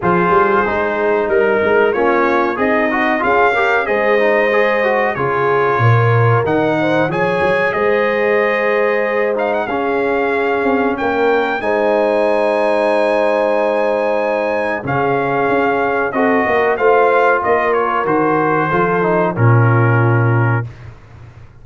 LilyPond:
<<
  \new Staff \with { instrumentName = "trumpet" } { \time 4/4 \tempo 4 = 93 c''2 ais'4 cis''4 | dis''4 f''4 dis''2 | cis''2 fis''4 gis''4 | dis''2~ dis''8 f''16 fis''16 f''4~ |
f''4 g''4 gis''2~ | gis''2. f''4~ | f''4 dis''4 f''4 dis''8 cis''8 | c''2 ais'2 | }
  \new Staff \with { instrumentName = "horn" } { \time 4/4 gis'2 ais'4 f'4 | dis'4 gis'8 ais'8 c''2 | gis'4 ais'4. c''8 cis''4 | c''2. gis'4~ |
gis'4 ais'4 c''2~ | c''2. gis'4~ | gis'4 a'8 ais'8 c''4 ais'4~ | ais'4 a'4 f'2 | }
  \new Staff \with { instrumentName = "trombone" } { \time 4/4 f'4 dis'2 cis'4 | gis'8 fis'8 f'8 g'8 gis'8 dis'8 gis'8 fis'8 | f'2 dis'4 gis'4~ | gis'2~ gis'8 dis'8 cis'4~ |
cis'2 dis'2~ | dis'2. cis'4~ | cis'4 fis'4 f'2 | fis'4 f'8 dis'8 cis'2 | }
  \new Staff \with { instrumentName = "tuba" } { \time 4/4 f8 g8 gis4 g8 gis8 ais4 | c'4 cis'4 gis2 | cis4 ais,4 dis4 f8 fis8 | gis2. cis'4~ |
cis'8 c'8 ais4 gis2~ | gis2. cis4 | cis'4 c'8 ais8 a4 ais4 | dis4 f4 ais,2 | }
>>